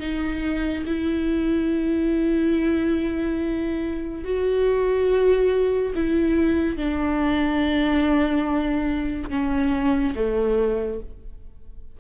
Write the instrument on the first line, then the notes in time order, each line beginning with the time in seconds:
viola
0.00 D#4
0.87 E4
4.24 F#4
5.95 E4
6.77 D4
9.30 C#4
10.16 A3